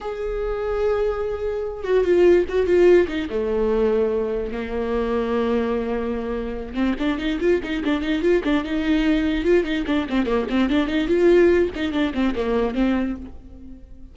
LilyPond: \new Staff \with { instrumentName = "viola" } { \time 4/4 \tempo 4 = 146 gis'1~ | gis'8 fis'8 f'4 fis'8 f'4 dis'8 | a2. ais4~ | ais1~ |
ais8 c'8 d'8 dis'8 f'8 dis'8 d'8 dis'8 | f'8 d'8 dis'2 f'8 dis'8 | d'8 c'8 ais8 c'8 d'8 dis'8 f'4~ | f'8 dis'8 d'8 c'8 ais4 c'4 | }